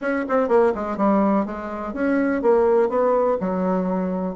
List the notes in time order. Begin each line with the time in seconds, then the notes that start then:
0.01 C#4
0.28 C4
0.48 A#3
0.74 G#3
0.97 G3
1.45 G#3
1.93 C#4
2.42 A#3
2.89 B3
3.40 F#3